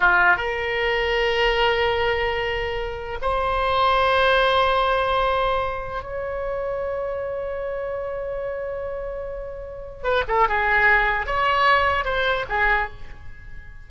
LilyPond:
\new Staff \with { instrumentName = "oboe" } { \time 4/4 \tempo 4 = 149 f'4 ais'2.~ | ais'1 | c''1~ | c''2. cis''4~ |
cis''1~ | cis''1~ | cis''4 b'8 a'8 gis'2 | cis''2 c''4 gis'4 | }